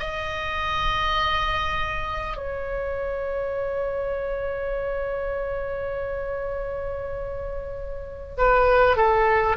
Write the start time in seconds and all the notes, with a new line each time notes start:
0.00 D#5
2.37 C#5
8.38 B4
8.97 A4